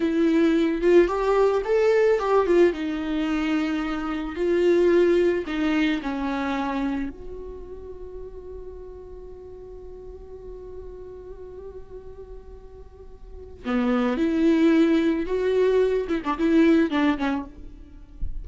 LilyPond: \new Staff \with { instrumentName = "viola" } { \time 4/4 \tempo 4 = 110 e'4. f'8 g'4 a'4 | g'8 f'8 dis'2. | f'2 dis'4 cis'4~ | cis'4 fis'2.~ |
fis'1~ | fis'1~ | fis'4 b4 e'2 | fis'4. e'16 d'16 e'4 d'8 cis'8 | }